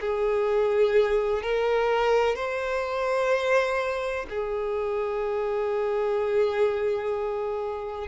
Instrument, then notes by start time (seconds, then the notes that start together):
violin
0.00 G#4
1.42 A#4
2.35 C5
4.29 G#4